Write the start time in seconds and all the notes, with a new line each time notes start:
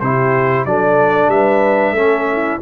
0.00 C3 E4 G4 C5
0.66 F#3 D4 A4 D5
1.29 G3 B4 E5
1.92 A3 C#4 A4
2.32 E4